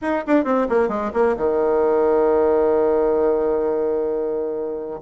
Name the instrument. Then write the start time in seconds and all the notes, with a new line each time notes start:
bassoon
0.01 D#4
0.26 D4
0.44 C4
0.69 A#3
0.88 G#3
1.13 A#3
1.36 D#3